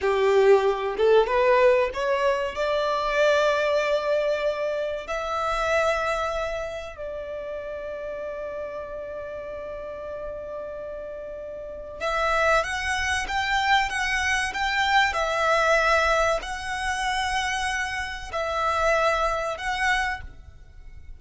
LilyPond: \new Staff \with { instrumentName = "violin" } { \time 4/4 \tempo 4 = 95 g'4. a'8 b'4 cis''4 | d''1 | e''2. d''4~ | d''1~ |
d''2. e''4 | fis''4 g''4 fis''4 g''4 | e''2 fis''2~ | fis''4 e''2 fis''4 | }